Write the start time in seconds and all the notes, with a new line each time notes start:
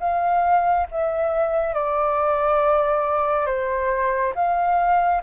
0.00 F5
0.91 E5
1.74 D5
3.46 C5
4.35 F5